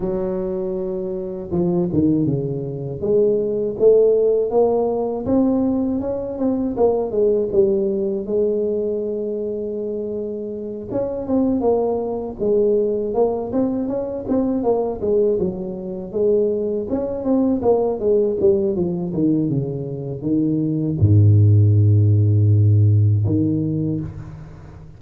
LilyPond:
\new Staff \with { instrumentName = "tuba" } { \time 4/4 \tempo 4 = 80 fis2 f8 dis8 cis4 | gis4 a4 ais4 c'4 | cis'8 c'8 ais8 gis8 g4 gis4~ | gis2~ gis8 cis'8 c'8 ais8~ |
ais8 gis4 ais8 c'8 cis'8 c'8 ais8 | gis8 fis4 gis4 cis'8 c'8 ais8 | gis8 g8 f8 dis8 cis4 dis4 | gis,2. dis4 | }